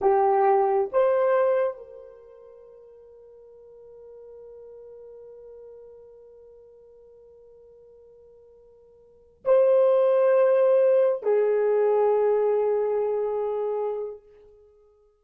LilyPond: \new Staff \with { instrumentName = "horn" } { \time 4/4 \tempo 4 = 135 g'2 c''2 | ais'1~ | ais'1~ | ais'1~ |
ais'1~ | ais'4~ ais'16 c''2~ c''8.~ | c''4~ c''16 gis'2~ gis'8.~ | gis'1 | }